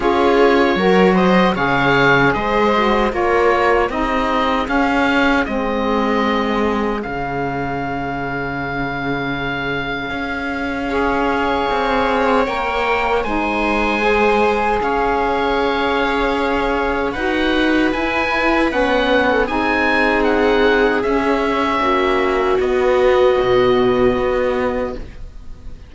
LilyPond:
<<
  \new Staff \with { instrumentName = "oboe" } { \time 4/4 \tempo 4 = 77 cis''4. dis''8 f''4 dis''4 | cis''4 dis''4 f''4 dis''4~ | dis''4 f''2.~ | f''1 |
g''4 gis''2 f''4~ | f''2 fis''4 gis''4 | fis''4 gis''4 fis''4 e''4~ | e''4 dis''2. | }
  \new Staff \with { instrumentName = "viola" } { \time 4/4 gis'4 ais'8 c''8 cis''4 c''4 | ais'4 gis'2.~ | gis'1~ | gis'2 cis''2~ |
cis''4 c''2 cis''4~ | cis''2 b'2~ | b'8. a'16 gis'2. | fis'1 | }
  \new Staff \with { instrumentName = "saxophone" } { \time 4/4 f'4 fis'4 gis'4. fis'8 | f'4 dis'4 cis'4 c'4~ | c'4 cis'2.~ | cis'2 gis'2 |
ais'4 dis'4 gis'2~ | gis'2 fis'4 e'4 | cis'4 dis'2 cis'4~ | cis'4 b2. | }
  \new Staff \with { instrumentName = "cello" } { \time 4/4 cis'4 fis4 cis4 gis4 | ais4 c'4 cis'4 gis4~ | gis4 cis2.~ | cis4 cis'2 c'4 |
ais4 gis2 cis'4~ | cis'2 dis'4 e'4 | b4 c'2 cis'4 | ais4 b4 b,4 b4 | }
>>